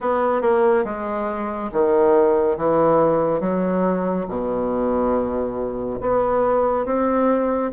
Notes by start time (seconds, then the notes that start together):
0.00 B3
0.41 A#3
0.84 G#3
1.72 D#3
2.57 E3
3.40 F#3
4.28 B2
6.00 B3
6.85 C4